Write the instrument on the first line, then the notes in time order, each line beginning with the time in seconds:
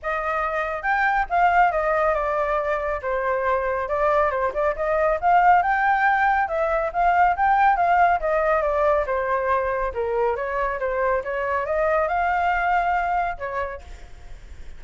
flute
0.02 D#5
0.82 G5
1.29 F5
1.71 D#5
2.14 D5
3.02 C5
3.88 D5
4.30 C5
4.53 D5
4.76 D#5
5.20 F5
5.62 G5
6.48 E5
6.92 F5
7.36 G5
7.76 F5
8.19 D#5
8.62 D5
9.06 C5
9.94 A#4
10.36 C#5
10.79 C5
11.24 C#5
11.65 D#5
12.07 F5
13.38 C#5